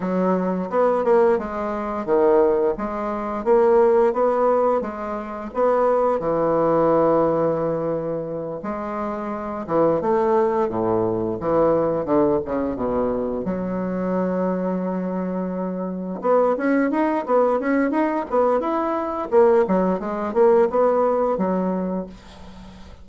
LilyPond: \new Staff \with { instrumentName = "bassoon" } { \time 4/4 \tempo 4 = 87 fis4 b8 ais8 gis4 dis4 | gis4 ais4 b4 gis4 | b4 e2.~ | e8 gis4. e8 a4 a,8~ |
a,8 e4 d8 cis8 b,4 fis8~ | fis2.~ fis8 b8 | cis'8 dis'8 b8 cis'8 dis'8 b8 e'4 | ais8 fis8 gis8 ais8 b4 fis4 | }